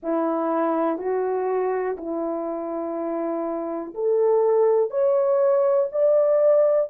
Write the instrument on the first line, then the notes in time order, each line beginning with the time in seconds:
horn
0.03 E4
0.98 F#4
1.97 E4
3.94 A4
4.90 C#5
5.92 D5